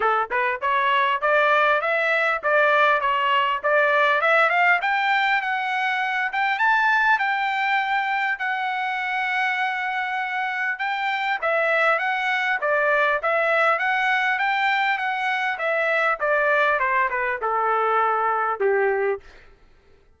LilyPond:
\new Staff \with { instrumentName = "trumpet" } { \time 4/4 \tempo 4 = 100 a'8 b'8 cis''4 d''4 e''4 | d''4 cis''4 d''4 e''8 f''8 | g''4 fis''4. g''8 a''4 | g''2 fis''2~ |
fis''2 g''4 e''4 | fis''4 d''4 e''4 fis''4 | g''4 fis''4 e''4 d''4 | c''8 b'8 a'2 g'4 | }